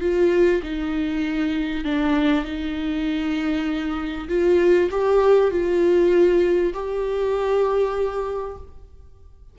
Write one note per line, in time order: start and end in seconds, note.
0.00 0.61 F4
0.62 1.84 D#4
1.84 2.44 D4
2.44 4.28 D#4
4.28 4.89 F4
4.90 5.50 G4
5.50 6.73 F4
6.73 8.57 G4